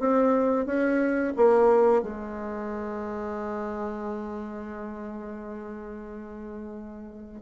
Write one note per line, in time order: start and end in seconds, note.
0.00 0.66 C4
0.66 1.34 C#4
1.37 2.03 A#3
2.03 7.42 G#3